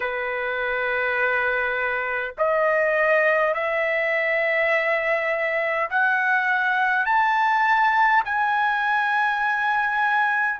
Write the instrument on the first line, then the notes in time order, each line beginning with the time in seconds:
trumpet
0.00 B4
2.37 D#5
3.53 E5
5.89 F#5
7.05 A5
8.25 G#5